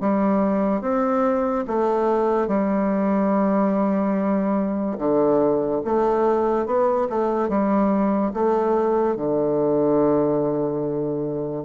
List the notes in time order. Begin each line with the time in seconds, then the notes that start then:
0.00 G3
0.81 C4
1.67 A3
2.47 G3
4.98 D3
5.85 A3
6.66 B3
7.09 A3
7.49 G3
8.33 A3
9.16 D3